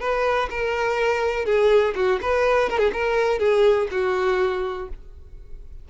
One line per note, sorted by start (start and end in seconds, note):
0.00 0.49 B4
0.50 1.45 A#4
1.45 1.94 G#4
1.95 2.20 F#4
2.22 2.69 B4
2.69 2.78 A#4
2.78 2.91 G#4
2.93 3.39 A#4
3.39 3.88 G#4
3.91 4.88 F#4